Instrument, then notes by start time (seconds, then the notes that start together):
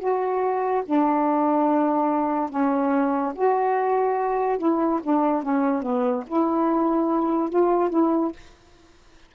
saxophone
0.00 F#4
0.86 D4
2.50 C#4
3.36 F#4
4.59 E4
5.03 D4
5.43 C#4
5.83 B3
6.28 E4
7.50 F4
7.91 E4